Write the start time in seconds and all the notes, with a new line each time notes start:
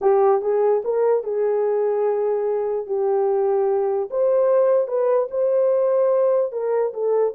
0.01 G4
0.41 G#4
0.84 A#4
1.23 G#4
2.86 G4
4.10 C5
4.87 B4
5.30 C5
6.52 A#4
6.93 A4